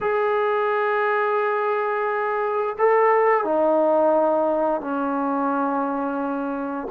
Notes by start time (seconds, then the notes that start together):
0.00 G#4
2.78 A4
3.44 D#4
4.80 C#4